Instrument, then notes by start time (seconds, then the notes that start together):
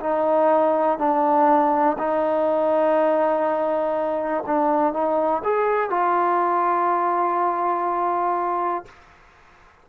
trombone
0.00 D#4
0.98 D4
1.98 D#4
4.46 D4
4.93 D#4
5.43 G#4
5.90 F4